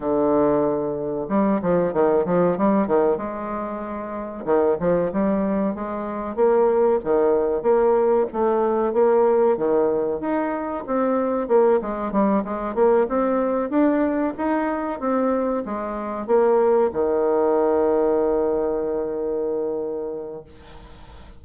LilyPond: \new Staff \with { instrumentName = "bassoon" } { \time 4/4 \tempo 4 = 94 d2 g8 f8 dis8 f8 | g8 dis8 gis2 dis8 f8 | g4 gis4 ais4 dis4 | ais4 a4 ais4 dis4 |
dis'4 c'4 ais8 gis8 g8 gis8 | ais8 c'4 d'4 dis'4 c'8~ | c'8 gis4 ais4 dis4.~ | dis1 | }